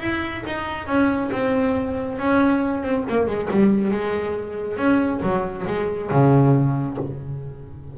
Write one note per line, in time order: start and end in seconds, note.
0.00 0.43 E4
0.46 0.87 D#4
0.87 1.30 C#4
1.32 2.19 C4
2.19 2.83 C#4
2.83 3.04 C4
3.09 3.27 A#3
3.27 3.48 G#3
3.51 3.91 G3
3.91 4.77 G#3
4.77 5.20 C#4
5.22 5.66 F#3
5.67 6.10 G#3
6.11 6.98 C#3